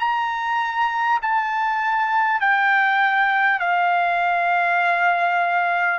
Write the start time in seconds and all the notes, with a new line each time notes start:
0.00 A#5
1.22 A5
2.41 G5
3.60 F5